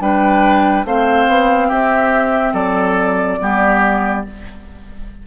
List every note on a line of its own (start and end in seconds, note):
0.00 0.84 G3
0.00 0.85 D4
0.00 0.86 B4
0.00 0.86 G5
0.84 1.26 A3
0.84 3.40 C4
0.84 1.68 C5
0.84 1.70 F5
1.28 1.70 B3
1.68 2.53 C4
1.68 2.53 G4
1.68 2.53 E5
2.53 3.37 F#3
2.53 3.38 A4
2.53 4.22 D5
3.40 4.26 G3
3.40 4.24 B3
3.40 4.27 G4